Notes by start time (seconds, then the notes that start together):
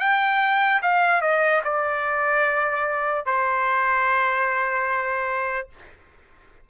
0.00 G5
0.82 F5
1.21 D#5
1.64 D5
3.26 C5